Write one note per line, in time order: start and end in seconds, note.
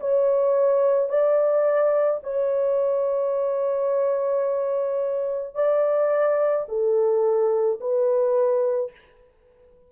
0.00 1.09 C#5
1.09 2.20 D5
2.23 5.55 C#5
5.55 6.66 D5
6.68 7.79 A4
7.80 8.91 B4